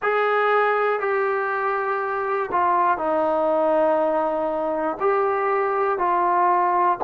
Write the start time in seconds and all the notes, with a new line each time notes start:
0.02 G#4
1.00 G4
2.51 F4
2.97 D#4
5.00 G4
5.98 F4